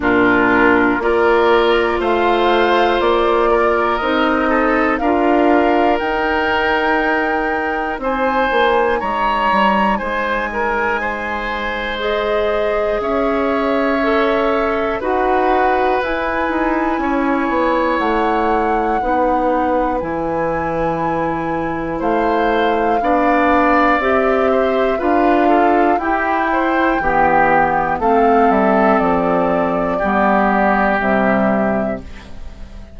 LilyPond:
<<
  \new Staff \with { instrumentName = "flute" } { \time 4/4 \tempo 4 = 60 ais'4 d''4 f''4 d''4 | dis''4 f''4 g''2 | gis''4 ais''4 gis''2 | dis''4 e''2 fis''4 |
gis''2 fis''2 | gis''2 f''2 | e''4 f''4 g''2 | f''8 e''8 d''2 e''4 | }
  \new Staff \with { instrumentName = "oboe" } { \time 4/4 f'4 ais'4 c''4. ais'8~ | ais'8 a'8 ais'2. | c''4 cis''4 c''8 ais'8 c''4~ | c''4 cis''2 b'4~ |
b'4 cis''2 b'4~ | b'2 c''4 d''4~ | d''8 c''8 b'8 a'8 g'8 c''8 g'4 | a'2 g'2 | }
  \new Staff \with { instrumentName = "clarinet" } { \time 4/4 d'4 f'2. | dis'4 f'4 dis'2~ | dis'1 | gis'2 a'4 fis'4 |
e'2. dis'4 | e'2. d'4 | g'4 f'4 e'4 b4 | c'2 b4 g4 | }
  \new Staff \with { instrumentName = "bassoon" } { \time 4/4 ais,4 ais4 a4 ais4 | c'4 d'4 dis'2 | c'8 ais8 gis8 g8 gis2~ | gis4 cis'2 dis'4 |
e'8 dis'8 cis'8 b8 a4 b4 | e2 a4 b4 | c'4 d'4 e'4 e4 | a8 g8 f4 g4 c4 | }
>>